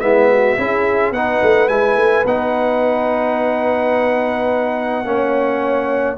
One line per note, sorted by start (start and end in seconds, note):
0.00 0.57 G#3
0.00 0.57 B3
0.00 0.29 E4
0.00 1.12 E5
0.30 0.58 F#4
0.58 1.11 C#4
0.58 1.14 E4
0.58 1.14 G#4
1.11 1.39 B3
1.11 1.69 D#4
1.11 5.07 B4
1.11 1.68 F#5
1.42 1.68 A3
1.68 1.96 G#3
1.68 2.25 E4
1.68 2.24 G#5
1.96 2.24 A3
2.25 5.05 B3
2.25 5.05 D#4
2.25 6.17 F#5
5.05 6.17 A#3
5.05 6.17 C#4
5.05 6.17 C#5